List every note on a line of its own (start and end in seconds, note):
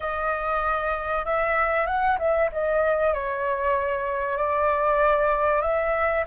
0.00 1.25 D#5
1.25 1.86 E5
1.86 2.17 F#5
2.18 2.49 E5
2.52 3.13 D#5
3.13 4.37 C#5
4.37 5.61 D5
5.61 6.24 E5